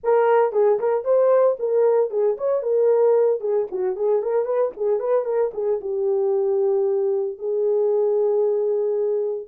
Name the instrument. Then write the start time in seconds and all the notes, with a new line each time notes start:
horn
0.03 A#4
0.52 G#4
0.79 A#4
1.04 C5
1.59 A#4
2.10 G#4
2.37 C#5
2.62 A#4
3.40 G#4
3.71 F#4
3.96 G#4
4.22 A#4
4.45 B4
4.77 G#4
4.99 B4
5.25 A#4
5.53 G#4
5.80 G4
7.38 G#4